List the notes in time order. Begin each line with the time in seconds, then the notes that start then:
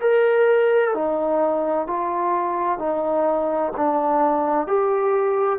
0.00 A#4
0.94 D#4
1.87 F4
2.78 D#4
3.76 D4
4.67 G4